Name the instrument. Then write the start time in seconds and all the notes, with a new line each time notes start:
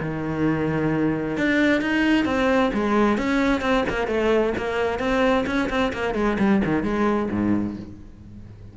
cello
0.00 D#3
1.37 D4
1.81 D#4
2.25 C4
2.73 G#3
3.17 C#4
3.61 C4
3.89 A#3
4.07 A3
4.57 A#3
4.99 C4
5.46 C#4
5.69 C4
5.93 A#3
6.14 G#3
6.39 G3
6.65 D#3
6.83 G#3
7.31 G#2